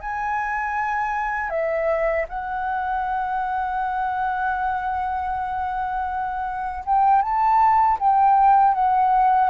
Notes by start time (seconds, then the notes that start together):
0.00 G#5
1.49 E5
2.28 F#5
6.85 G5
7.22 A5
7.99 G5
8.74 F#5